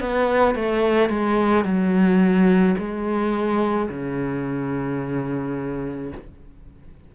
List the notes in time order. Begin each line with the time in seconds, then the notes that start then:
0.00 B3
0.55 A3
1.09 G#3
1.64 F#3
2.78 G#3
3.89 C#3